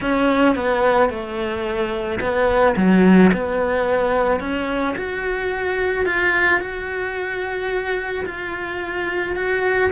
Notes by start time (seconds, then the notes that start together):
0.01 C#4
0.55 B3
1.09 A3
2.20 B3
2.76 F#3
3.33 B3
4.40 C#4
4.96 F#4
6.05 F4
6.60 F#4
8.25 F4
9.35 F#4